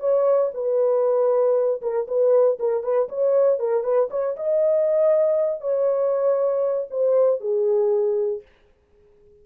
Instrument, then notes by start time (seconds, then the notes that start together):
horn
0.00 C#5
0.54 B4
1.81 A#4
2.07 B4
2.59 A#4
2.83 B4
3.09 C#5
3.59 A#4
3.84 B4
4.10 C#5
4.36 D#5
5.61 C#5
6.90 C5
7.40 G#4